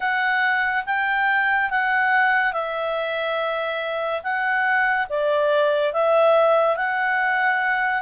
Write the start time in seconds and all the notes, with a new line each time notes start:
0.00 F#5
0.85 G5
1.70 F#5
2.52 E5
4.23 F#5
5.09 D5
5.93 E5
6.76 F#5